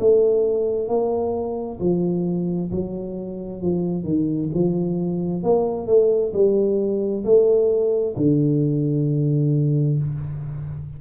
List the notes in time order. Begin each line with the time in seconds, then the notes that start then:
0.00 A3
0.88 A#3
1.80 F3
2.71 F#3
3.62 F3
4.04 D#3
4.54 F3
5.43 A#3
5.87 A3
6.33 G3
7.24 A3
8.16 D3